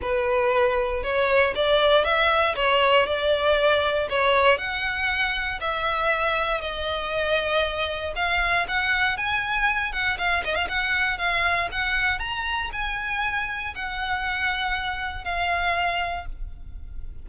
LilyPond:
\new Staff \with { instrumentName = "violin" } { \time 4/4 \tempo 4 = 118 b'2 cis''4 d''4 | e''4 cis''4 d''2 | cis''4 fis''2 e''4~ | e''4 dis''2. |
f''4 fis''4 gis''4. fis''8 | f''8 dis''16 f''16 fis''4 f''4 fis''4 | ais''4 gis''2 fis''4~ | fis''2 f''2 | }